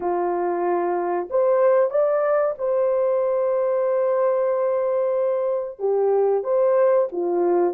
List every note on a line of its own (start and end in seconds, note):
0.00 1.28 F4
1.30 1.90 C5
1.90 2.55 D5
2.58 5.79 C5
5.79 6.43 G4
6.43 7.08 C5
7.11 7.74 F4